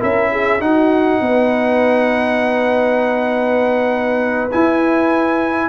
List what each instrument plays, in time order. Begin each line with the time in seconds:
0.00 tuba C#4, trombone E4, horn A#4, trumpet E5
0.32 horn G#4
0.61 trombone D#4, tuba D#4, horn F#4, trumpet F#5
1.21 tuba B3, horn B4
4.52 trombone E4, tuba E4, trumpet G#5